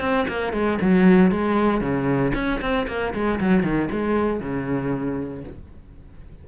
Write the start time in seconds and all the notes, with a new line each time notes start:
0.00 C4
0.28 A#3
0.52 G#3
0.81 F#3
1.31 G#3
1.80 C#3
2.34 C#4
2.61 C4
2.87 A#3
3.14 G#3
3.39 F#3
3.63 D#3
3.91 G#3
4.40 C#3